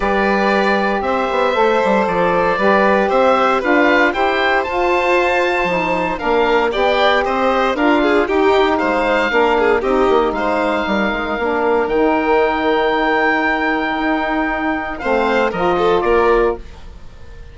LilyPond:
<<
  \new Staff \with { instrumentName = "oboe" } { \time 4/4 \tempo 4 = 116 d''2 e''2 | d''2 e''4 f''4 | g''4 a''2. | f''4 g''4 dis''4 f''4 |
g''4 f''2 dis''4 | f''2. g''4~ | g''1~ | g''4 f''4 dis''4 d''4 | }
  \new Staff \with { instrumentName = "violin" } { \time 4/4 b'2 c''2~ | c''4 b'4 c''4 b'4 | c''1 | ais'4 d''4 c''4 ais'8 gis'8 |
g'4 c''4 ais'8 gis'8 g'4 | c''4 ais'2.~ | ais'1~ | ais'4 c''4 ais'8 a'8 ais'4 | }
  \new Staff \with { instrumentName = "saxophone" } { \time 4/4 g'2. a'4~ | a'4 g'2 f'4 | g'4 f'2 dis'4 | d'4 g'2 f'4 |
dis'2 d'4 dis'4~ | dis'2 d'4 dis'4~ | dis'1~ | dis'4 c'4 f'2 | }
  \new Staff \with { instrumentName = "bassoon" } { \time 4/4 g2 c'8 b8 a8 g8 | f4 g4 c'4 d'4 | e'4 f'2 f4 | ais4 b4 c'4 d'4 |
dis'4 gis4 ais4 c'8 ais8 | gis4 g8 gis8 ais4 dis4~ | dis2. dis'4~ | dis'4 a4 f4 ais4 | }
>>